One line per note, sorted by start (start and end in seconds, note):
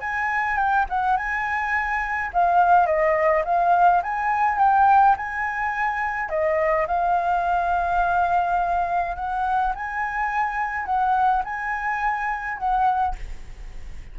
0.00 0.57 G#5
0.57 0.85 G5
0.89 1.16 F#5
1.16 2.31 G#5
2.33 2.86 F5
2.86 3.43 D#5
3.45 4.02 F5
4.02 4.58 G#5
4.58 5.15 G5
5.16 6.29 G#5
6.29 6.86 D#5
6.87 9.16 F5
9.16 9.73 F#5
9.75 10.85 G#5
10.85 11.42 F#5
11.44 12.58 G#5
12.58 13.15 F#5